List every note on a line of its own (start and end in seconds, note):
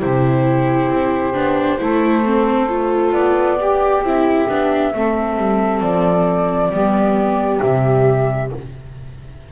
0.00 0.90 C3
0.00 1.34 E4
0.00 1.80 G4
0.00 3.13 C5
0.90 1.35 C4
1.34 1.79 B3
1.34 1.78 D4
1.78 3.12 A3
1.78 2.23 E4
1.78 3.58 A4
2.25 2.69 C4
2.69 3.58 F4
3.12 4.02 B3
3.12 4.02 D5
3.58 4.93 G4
3.58 4.05 G4
4.03 4.47 C4
4.03 4.49 E4
4.03 5.81 E5
4.49 4.94 B3
4.49 4.94 D4
4.94 5.37 A3
4.94 6.73 C4
4.94 6.71 A4
5.37 5.81 G3
5.81 6.71 F3
5.81 7.60 D5
6.71 7.60 G3
6.71 7.61 B3
6.71 8.50 G4
7.60 8.52 C3
7.60 8.50 G3
7.60 8.49 E5